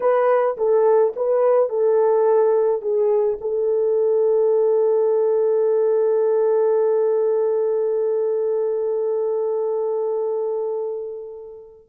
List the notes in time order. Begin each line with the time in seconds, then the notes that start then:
0.00 B4
0.57 A4
1.16 B4
1.69 A4
2.81 G#4
3.41 A4